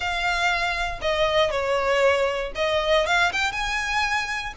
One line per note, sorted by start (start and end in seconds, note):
0.00 0.99 F5
1.01 1.50 D#5
1.50 2.52 C#5
2.55 3.06 D#5
3.06 3.32 F5
3.32 3.52 G5
3.52 4.53 G#5